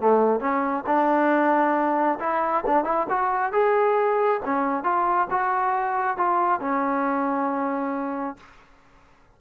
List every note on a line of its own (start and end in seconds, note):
0.00 0.40 A3
0.40 0.84 C#4
0.87 2.19 D4
2.20 2.64 E4
2.67 2.85 D4
2.85 3.07 E4
3.09 3.53 F#4
3.53 4.41 G#4
4.45 4.83 C#4
4.83 5.28 F4
5.30 6.17 F#4
6.17 6.60 F4
6.60 8.37 C#4